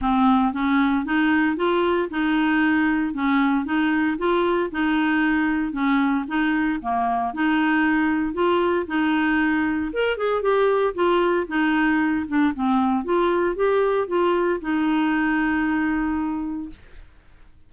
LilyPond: \new Staff \with { instrumentName = "clarinet" } { \time 4/4 \tempo 4 = 115 c'4 cis'4 dis'4 f'4 | dis'2 cis'4 dis'4 | f'4 dis'2 cis'4 | dis'4 ais4 dis'2 |
f'4 dis'2 ais'8 gis'8 | g'4 f'4 dis'4. d'8 | c'4 f'4 g'4 f'4 | dis'1 | }